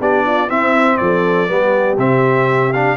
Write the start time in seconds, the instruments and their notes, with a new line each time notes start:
0.00 tuba B3, trombone D4, horn G4, trumpet D5
0.26 horn F4
0.47 trombone C4, tuba C4, horn E4, trumpet E5
0.97 tuba F3, horn A4, trumpet D5
1.48 tuba G3, trombone B3, horn G4
1.97 tuba C3, trombone C4, trumpet E5
2.73 trombone D4, trumpet F5